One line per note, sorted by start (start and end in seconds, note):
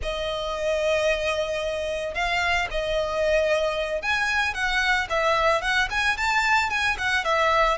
0.02 2.14 D#5
2.14 2.67 F5
2.70 4.02 D#5
4.02 4.54 G#5
4.54 5.07 F#5
5.09 5.61 E5
5.61 5.88 F#5
5.90 6.17 G#5
6.17 6.69 A5
6.69 6.96 G#5
6.98 7.24 F#5
7.24 7.77 E5